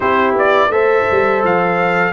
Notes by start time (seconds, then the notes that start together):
0.00 C4 E4 G4 C5
0.34 B3 D5
0.69 A3 A4 C5 E5
1.10 G3
1.43 F3 F5